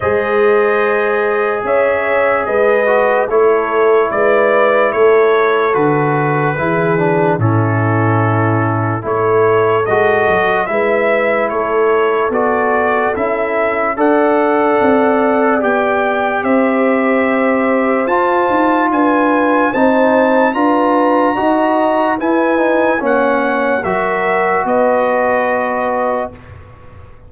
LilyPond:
<<
  \new Staff \with { instrumentName = "trumpet" } { \time 4/4 \tempo 4 = 73 dis''2 e''4 dis''4 | cis''4 d''4 cis''4 b'4~ | b'4 a'2 cis''4 | dis''4 e''4 cis''4 d''4 |
e''4 fis''2 g''4 | e''2 a''4 gis''4 | a''4 ais''2 gis''4 | fis''4 e''4 dis''2 | }
  \new Staff \with { instrumentName = "horn" } { \time 4/4 c''2 cis''4 b'4 | a'4 b'4 a'2 | gis'4 e'2 a'4~ | a'4 b'4 a'2~ |
a'4 d''2. | c''2. b'4 | c''4 b'4 dis''4 b'4 | cis''4 ais'4 b'2 | }
  \new Staff \with { instrumentName = "trombone" } { \time 4/4 gis'2.~ gis'8 fis'8 | e'2. fis'4 | e'8 d'8 cis'2 e'4 | fis'4 e'2 fis'4 |
e'4 a'2 g'4~ | g'2 f'2 | dis'4 f'4 fis'4 e'8 dis'8 | cis'4 fis'2. | }
  \new Staff \with { instrumentName = "tuba" } { \time 4/4 gis2 cis'4 gis4 | a4 gis4 a4 d4 | e4 a,2 a4 | gis8 fis8 gis4 a4 b4 |
cis'4 d'4 c'4 b4 | c'2 f'8 dis'8 d'4 | c'4 d'4 dis'4 e'4 | ais4 fis4 b2 | }
>>